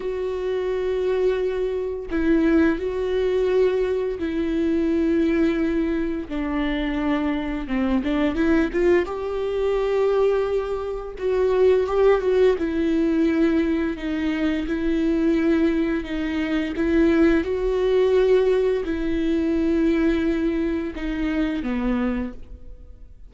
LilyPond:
\new Staff \with { instrumentName = "viola" } { \time 4/4 \tempo 4 = 86 fis'2. e'4 | fis'2 e'2~ | e'4 d'2 c'8 d'8 | e'8 f'8 g'2. |
fis'4 g'8 fis'8 e'2 | dis'4 e'2 dis'4 | e'4 fis'2 e'4~ | e'2 dis'4 b4 | }